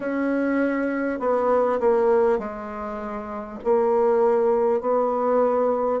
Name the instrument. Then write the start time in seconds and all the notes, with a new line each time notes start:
bassoon
0.00 C#4
1.19 B3
1.79 A#3
2.38 G#3
3.63 A#3
4.81 B3